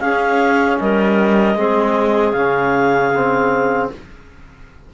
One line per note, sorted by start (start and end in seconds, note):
0.00 0.78 C#4
0.00 1.58 C#4
0.00 0.80 G#4
0.00 0.78 F5
0.80 1.56 G3
0.80 1.58 A#4
0.80 2.32 D#5
1.56 2.33 G#3
1.56 2.36 C4
1.56 3.92 G#4
2.32 3.89 C#3
2.32 3.14 C#4
2.32 3.88 F5
3.16 3.94 C4